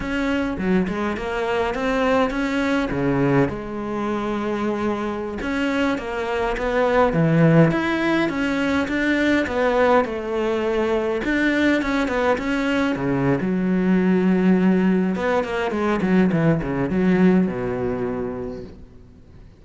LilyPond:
\new Staff \with { instrumentName = "cello" } { \time 4/4 \tempo 4 = 103 cis'4 fis8 gis8 ais4 c'4 | cis'4 cis4 gis2~ | gis4~ gis16 cis'4 ais4 b8.~ | b16 e4 e'4 cis'4 d'8.~ |
d'16 b4 a2 d'8.~ | d'16 cis'8 b8 cis'4 cis8. fis4~ | fis2 b8 ais8 gis8 fis8 | e8 cis8 fis4 b,2 | }